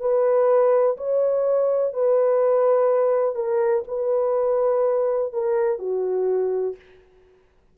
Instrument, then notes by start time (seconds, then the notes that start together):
horn
0.00 B4
0.97 C#5
1.93 B4
3.35 A#4
3.88 B4
5.33 A#4
5.79 F#4